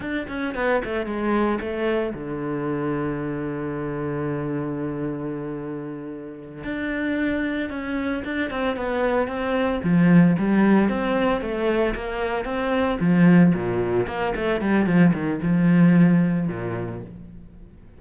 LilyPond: \new Staff \with { instrumentName = "cello" } { \time 4/4 \tempo 4 = 113 d'8 cis'8 b8 a8 gis4 a4 | d1~ | d1~ | d8 d'2 cis'4 d'8 |
c'8 b4 c'4 f4 g8~ | g8 c'4 a4 ais4 c'8~ | c'8 f4 ais,4 ais8 a8 g8 | f8 dis8 f2 ais,4 | }